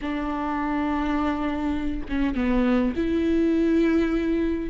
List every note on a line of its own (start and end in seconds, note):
0.01 2.07 D4
2.09 2.34 C#4
2.34 2.93 B3
2.95 4.70 E4